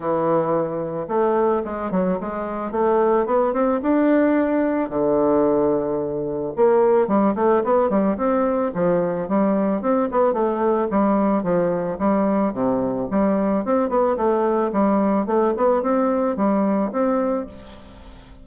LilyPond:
\new Staff \with { instrumentName = "bassoon" } { \time 4/4 \tempo 4 = 110 e2 a4 gis8 fis8 | gis4 a4 b8 c'8 d'4~ | d'4 d2. | ais4 g8 a8 b8 g8 c'4 |
f4 g4 c'8 b8 a4 | g4 f4 g4 c4 | g4 c'8 b8 a4 g4 | a8 b8 c'4 g4 c'4 | }